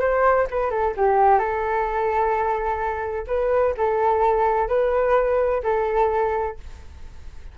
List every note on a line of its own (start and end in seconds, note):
0.00 0.47 C5
0.50 0.70 B4
0.70 0.94 A4
0.97 1.38 G4
1.38 3.26 A4
3.27 3.74 B4
3.77 4.68 A4
4.68 5.62 B4
5.63 6.57 A4